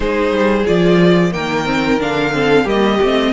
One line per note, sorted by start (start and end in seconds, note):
0.00 0.31 G#3
0.00 0.63 D#4
0.00 1.31 G#4
0.00 0.66 C5
0.31 0.64 G3
0.65 1.34 F3
0.65 1.31 F4
0.65 1.32 D5
1.31 2.01 D#3
1.31 1.64 A#3
1.31 2.34 A#4
1.31 1.99 G5
1.64 1.98 C4
1.99 2.65 D3
1.99 2.32 D4
1.99 2.68 F5
2.32 2.66 C4
2.32 2.64 A4
2.64 2.98 G3
2.64 2.99 A#3
2.64 3.31 G4
2.64 3.33 D#5
3.02 3.33 A3
3.02 3.33 C4